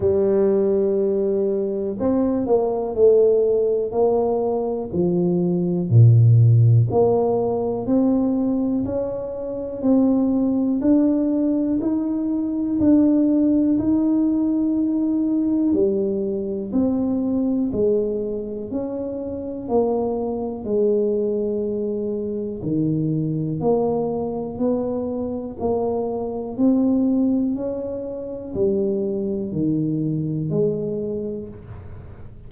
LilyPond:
\new Staff \with { instrumentName = "tuba" } { \time 4/4 \tempo 4 = 61 g2 c'8 ais8 a4 | ais4 f4 ais,4 ais4 | c'4 cis'4 c'4 d'4 | dis'4 d'4 dis'2 |
g4 c'4 gis4 cis'4 | ais4 gis2 dis4 | ais4 b4 ais4 c'4 | cis'4 g4 dis4 gis4 | }